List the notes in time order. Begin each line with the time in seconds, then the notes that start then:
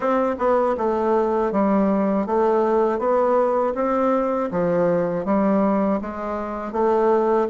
0.00 C4
0.38 B3
0.77 A3
1.52 G3
2.26 A3
2.98 B3
3.75 C4
4.51 F3
5.25 G3
6.01 G#3
6.72 A3